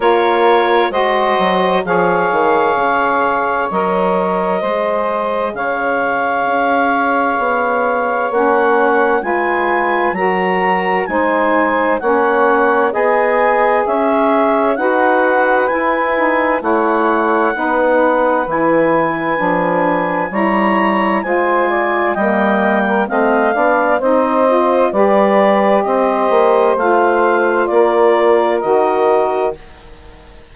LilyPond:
<<
  \new Staff \with { instrumentName = "clarinet" } { \time 4/4 \tempo 4 = 65 cis''4 dis''4 f''2 | dis''2 f''2~ | f''4 fis''4 gis''4 ais''4 | gis''4 fis''4 gis''4 e''4 |
fis''4 gis''4 fis''2 | gis''2 ais''4 gis''4 | g''4 f''4 dis''4 d''4 | dis''4 f''4 d''4 dis''4 | }
  \new Staff \with { instrumentName = "saxophone" } { \time 4/4 ais'4 c''4 cis''2~ | cis''4 c''4 cis''2~ | cis''2 b'4 ais'4 | c''4 cis''4 dis''4 cis''4 |
b'2 cis''4 b'4~ | b'2 cis''4 c''8 d''8 | dis''8. ais'16 dis''8 d''8 c''4 b'4 | c''2 ais'2 | }
  \new Staff \with { instrumentName = "saxophone" } { \time 4/4 f'4 fis'4 gis'2 | ais'4 gis'2.~ | gis'4 cis'4 f'4 fis'4 | dis'4 cis'4 gis'2 |
fis'4 e'8 dis'8 e'4 dis'4 | e'4 d'4 e'4 f'4 | ais4 c'8 d'8 dis'8 f'8 g'4~ | g'4 f'2 fis'4 | }
  \new Staff \with { instrumentName = "bassoon" } { \time 4/4 ais4 gis8 fis8 f8 dis8 cis4 | fis4 gis4 cis4 cis'4 | b4 ais4 gis4 fis4 | gis4 ais4 b4 cis'4 |
dis'4 e'4 a4 b4 | e4 f4 g4 gis4 | g4 a8 b8 c'4 g4 | c'8 ais8 a4 ais4 dis4 | }
>>